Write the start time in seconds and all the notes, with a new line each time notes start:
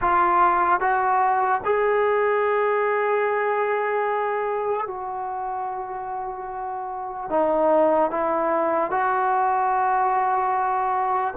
0.01 F4
0.80 F#4
1.64 G#4
4.86 F#4
7.30 D#4
8.10 E4
8.90 F#4